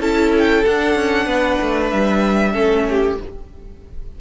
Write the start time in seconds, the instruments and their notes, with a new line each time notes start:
0.00 cello C#4, viola E4, violin A4 A5
0.38 violin G5
0.65 cello D4, viola D4, violin F#5
0.96 cello C#4
1.26 cello B3, violin B4
1.61 cello A3
1.90 cello G3, violin E5
2.53 cello A3, viola C#4, violin A4
2.89 violin G4